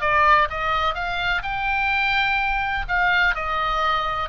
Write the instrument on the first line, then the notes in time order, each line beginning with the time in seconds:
oboe
0.00 D5
0.49 D#5
0.94 F5
1.42 G5
2.88 F5
3.35 D#5